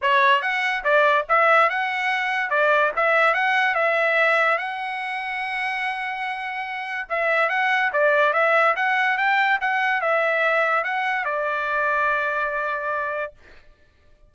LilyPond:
\new Staff \with { instrumentName = "trumpet" } { \time 4/4 \tempo 4 = 144 cis''4 fis''4 d''4 e''4 | fis''2 d''4 e''4 | fis''4 e''2 fis''4~ | fis''1~ |
fis''4 e''4 fis''4 d''4 | e''4 fis''4 g''4 fis''4 | e''2 fis''4 d''4~ | d''1 | }